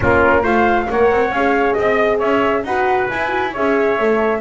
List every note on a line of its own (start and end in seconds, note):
0.00 0.43 A#3
0.00 0.43 C#4
0.00 0.42 F4
0.00 0.46 A#4
0.42 0.87 A3
0.42 0.87 F4
0.42 0.86 C5
0.42 0.90 F5
0.89 1.11 A#3
0.89 1.33 A#4
0.89 1.79 C#5
0.89 1.33 F#5
1.11 1.29 C4
1.29 1.74 C#4
1.29 2.66 G#4
1.29 1.73 F5
1.73 2.21 C4
1.73 2.17 D#5
1.79 2.18 D#5
2.18 2.63 C#4
2.18 2.63 C#5
2.18 2.64 E5
2.63 3.07 D#4
2.63 3.10 F#4
2.63 3.52 B4
2.63 3.08 F#5
3.09 3.28 E4
3.09 3.56 E4
3.09 3.53 G#5
3.28 3.50 F#4
3.52 3.99 C#4
3.52 3.99 G#4
3.52 4.40 C#5
3.52 4.40 E5
3.99 4.40 A3
3.99 4.40 A4